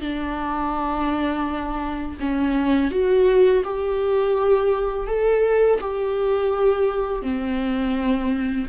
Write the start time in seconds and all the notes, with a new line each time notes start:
0.00 D4
2.19 C#4
2.90 F#4
3.64 G4
5.07 A4
5.80 G4
7.22 C4